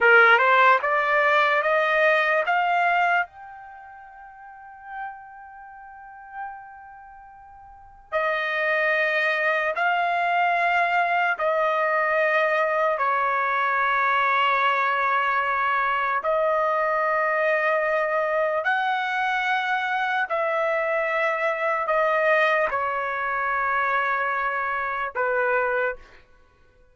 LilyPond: \new Staff \with { instrumentName = "trumpet" } { \time 4/4 \tempo 4 = 74 ais'8 c''8 d''4 dis''4 f''4 | g''1~ | g''2 dis''2 | f''2 dis''2 |
cis''1 | dis''2. fis''4~ | fis''4 e''2 dis''4 | cis''2. b'4 | }